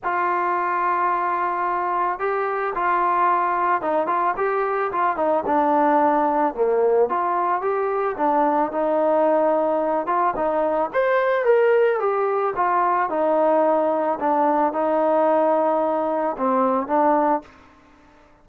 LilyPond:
\new Staff \with { instrumentName = "trombone" } { \time 4/4 \tempo 4 = 110 f'1 | g'4 f'2 dis'8 f'8 | g'4 f'8 dis'8 d'2 | ais4 f'4 g'4 d'4 |
dis'2~ dis'8 f'8 dis'4 | c''4 ais'4 g'4 f'4 | dis'2 d'4 dis'4~ | dis'2 c'4 d'4 | }